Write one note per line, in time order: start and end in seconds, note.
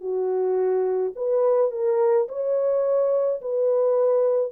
0.00 1.12 F#4
1.15 1.71 B4
1.71 2.27 A#4
2.28 3.40 C#5
3.41 4.52 B4